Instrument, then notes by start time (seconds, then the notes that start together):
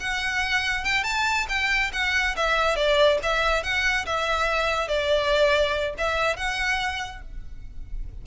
violin
0.00 F#5
0.84 G5
1.04 A5
1.49 G5
1.93 F#5
2.36 E5
2.76 D5
3.23 E5
3.63 F#5
4.06 E5
4.88 D5
5.98 E5
6.36 F#5